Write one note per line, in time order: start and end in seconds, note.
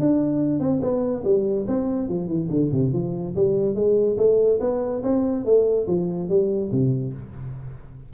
0.00 0.60 D4
0.60 0.81 C4
0.82 1.24 B3
1.25 1.66 G3
1.68 2.09 C4
2.09 2.28 F3
2.28 2.49 E3
2.51 2.72 D3
2.72 2.93 C3
2.94 3.35 F3
3.36 3.76 G3
3.76 4.17 G#3
4.18 4.60 A3
4.61 5.03 B3
5.03 5.45 C4
5.45 5.87 A3
5.88 6.29 F3
6.29 6.71 G3
6.72 7.13 C3